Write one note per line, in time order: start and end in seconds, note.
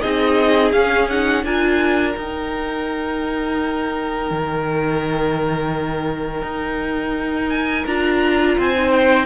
0.00 0.72 C4
0.00 0.73 D#4
0.00 1.44 G#4
0.00 0.71 D#5
0.72 1.44 C#4
0.72 1.09 C#4
0.72 1.08 F5
1.09 1.46 D#4
1.09 1.44 F#5
1.44 2.15 D4
1.44 2.16 F4
1.44 8.57 A#4
1.44 2.14 G#5
2.14 7.87 D#4
2.14 4.31 D#4
2.14 7.50 G5
4.31 6.42 D#3
6.42 7.85 D#4
7.50 7.85 G#5
7.86 8.57 D4
7.86 8.76 F4
7.86 8.58 A#5
8.57 9.26 C4
8.57 9.26 C5
8.57 8.91 G#5
8.76 9.26 D#4
8.91 9.26 G5